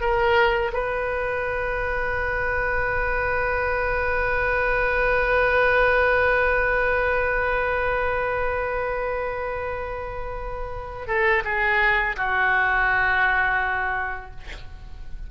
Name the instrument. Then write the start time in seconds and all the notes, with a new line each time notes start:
oboe
0.00 A#4
0.73 B4
11.07 A4
11.44 G#4
12.16 F#4